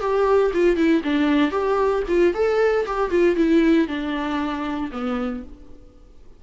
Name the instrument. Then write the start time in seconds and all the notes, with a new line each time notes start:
viola
0.00 G4
0.54 F4
0.76 E4
1.04 D4
1.51 G4
2.08 F4
2.34 A4
2.86 G4
3.11 F4
3.36 E4
3.88 D4
4.92 B3